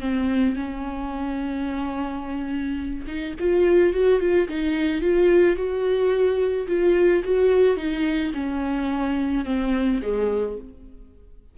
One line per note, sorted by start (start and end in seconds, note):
0.00 0.56 C4
0.56 3.06 C#4
3.07 3.35 D#4
3.39 3.93 F4
3.93 4.20 F#4
4.20 4.48 F4
4.48 5.01 D#4
5.01 5.56 F4
5.56 6.67 F#4
6.67 7.23 F4
7.24 7.77 F#4
7.77 8.32 D#4
8.34 9.45 C#4
9.45 10.00 C4
10.02 10.58 G#3